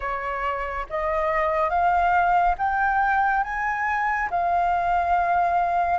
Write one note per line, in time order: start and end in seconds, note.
0.00 0.86 C#5
0.89 1.69 D#5
1.69 2.55 F5
2.58 3.43 G5
3.43 4.29 G#5
4.30 5.99 F5